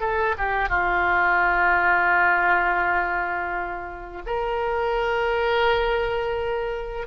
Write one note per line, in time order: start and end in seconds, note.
0.00 0.35 A4
0.38 0.69 G4
0.69 4.22 F4
4.26 7.07 A#4